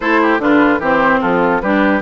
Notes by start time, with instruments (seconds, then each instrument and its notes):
0.00 bassoon A3, clarinet E4, oboe A4, flute C5
0.21 oboe G4
0.39 bassoon D3, clarinet D4, oboe F4, flute B4
0.78 bassoon E3, clarinet C4, oboe G4, flute C5
1.21 bassoon F3, oboe F4, flute A4
1.61 bassoon G3, clarinet D4, oboe G4, flute B4